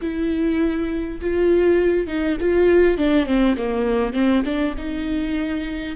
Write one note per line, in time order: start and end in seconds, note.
0.01 1.20 E4
1.20 2.07 F4
2.07 2.37 D#4
2.40 2.97 F4
2.97 3.25 D4
3.25 3.55 C4
3.57 4.13 A#3
4.13 4.42 C4
4.44 4.74 D4
4.77 5.96 D#4